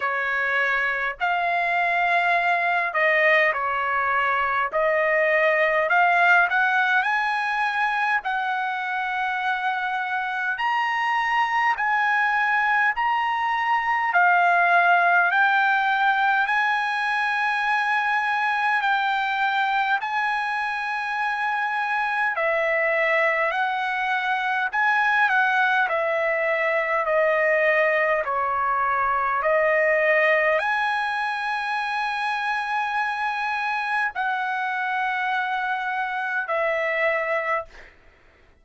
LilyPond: \new Staff \with { instrumentName = "trumpet" } { \time 4/4 \tempo 4 = 51 cis''4 f''4. dis''8 cis''4 | dis''4 f''8 fis''8 gis''4 fis''4~ | fis''4 ais''4 gis''4 ais''4 | f''4 g''4 gis''2 |
g''4 gis''2 e''4 | fis''4 gis''8 fis''8 e''4 dis''4 | cis''4 dis''4 gis''2~ | gis''4 fis''2 e''4 | }